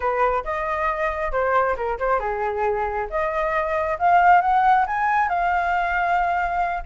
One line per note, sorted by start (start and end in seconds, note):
0.00 0.44 B4
0.44 1.32 D#5
1.32 1.76 C5
1.76 1.98 A#4
1.99 2.19 C5
2.19 3.07 G#4
3.10 3.98 D#5
3.98 4.41 F5
4.41 4.85 F#5
4.86 5.28 G#5
5.28 6.83 F5